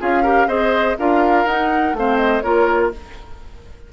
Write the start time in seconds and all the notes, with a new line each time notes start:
0.00 C#4 F4 G#4 F5
0.23 G4 A#4
0.47 C4 G#4 C5 D#5
0.99 D4 F4 A#4 F5
1.45 D#4 F#5
1.93 A3 C4 C5 F5
2.17 D#5
2.41 A#3 F4 A#4 C#5